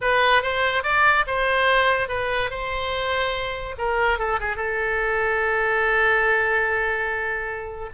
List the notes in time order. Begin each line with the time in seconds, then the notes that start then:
0.01 B4
0.42 C5
0.83 D5
1.26 C5
2.08 B4
2.50 C5
3.78 A#4
4.18 A4
4.39 G#4
4.56 A4